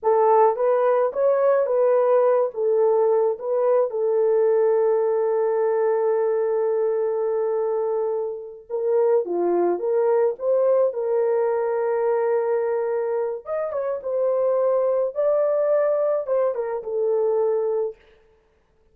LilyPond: \new Staff \with { instrumentName = "horn" } { \time 4/4 \tempo 4 = 107 a'4 b'4 cis''4 b'4~ | b'8 a'4. b'4 a'4~ | a'1~ | a'2.~ a'8 ais'8~ |
ais'8 f'4 ais'4 c''4 ais'8~ | ais'1 | dis''8 cis''8 c''2 d''4~ | d''4 c''8 ais'8 a'2 | }